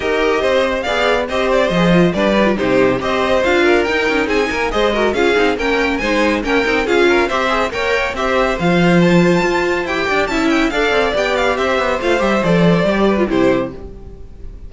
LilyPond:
<<
  \new Staff \with { instrumentName = "violin" } { \time 4/4 \tempo 4 = 140 dis''2 f''4 dis''8 d''8 | dis''4 d''4 c''4 dis''4 | f''4 g''4 gis''4 dis''4 | f''4 g''4 gis''4 g''4 |
f''4 e''4 g''4 e''4 | f''4 a''2 g''4 | a''8 g''8 f''4 g''8 f''8 e''4 | f''8 e''8 d''2 c''4 | }
  \new Staff \with { instrumentName = "violin" } { \time 4/4 ais'4 c''4 d''4 c''4~ | c''4 b'4 g'4 c''4~ | c''8 ais'4. gis'8 ais'8 c''8 ais'8 | gis'4 ais'4 c''4 ais'4 |
gis'8 ais'8 c''4 cis''4 c''4~ | c''2.~ c''8 d''8 | e''4 d''2 c''4~ | c''2~ c''8 b'8 g'4 | }
  \new Staff \with { instrumentName = "viola" } { \time 4/4 g'2 gis'4 g'4 | gis'8 f'8 d'8 dis'16 f'16 dis'4 g'4 | f'4 dis'2 gis'8 fis'8 | f'8 dis'8 cis'4 dis'4 cis'8 dis'8 |
f'4 g'8 gis'8 ais'4 g'4 | f'2. g'4 | e'4 a'4 g'2 | f'8 g'8 a'4 g'8. f'16 e'4 | }
  \new Staff \with { instrumentName = "cello" } { \time 4/4 dis'4 c'4 b4 c'4 | f4 g4 c4 c'4 | d'4 dis'8 cis'8 c'8 ais8 gis4 | cis'8 c'8 ais4 gis4 ais8 c'8 |
cis'4 c'4 ais4 c'4 | f2 f'4 e'8 d'8 | cis'4 d'8 c'8 b4 c'8 b8 | a8 g8 f4 g4 c4 | }
>>